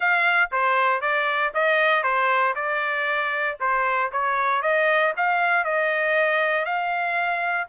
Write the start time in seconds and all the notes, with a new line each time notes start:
0.00 F5
0.51 C5
1.01 D5
1.54 D#5
2.03 C5
2.55 D5
3.60 C5
4.11 C#5
4.62 D#5
5.17 F5
5.64 D#5
6.65 F5